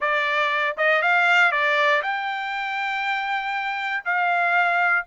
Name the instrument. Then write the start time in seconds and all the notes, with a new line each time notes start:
trumpet
0.00 D5
0.77 D#5
1.02 F5
1.51 D5
2.02 G5
4.05 F5